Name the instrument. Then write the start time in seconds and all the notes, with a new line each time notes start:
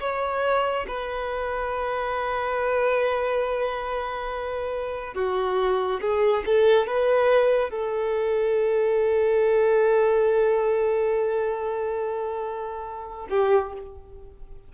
violin
0.00 C#5
0.87 B4
5.14 F#4
6.00 G#4
6.46 A4
6.86 B4
7.70 A4
13.29 G4